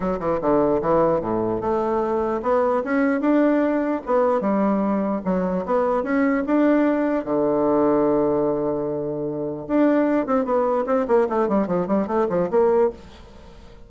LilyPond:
\new Staff \with { instrumentName = "bassoon" } { \time 4/4 \tempo 4 = 149 fis8 e8 d4 e4 a,4 | a2 b4 cis'4 | d'2 b4 g4~ | g4 fis4 b4 cis'4 |
d'2 d2~ | d1 | d'4. c'8 b4 c'8 ais8 | a8 g8 f8 g8 a8 f8 ais4 | }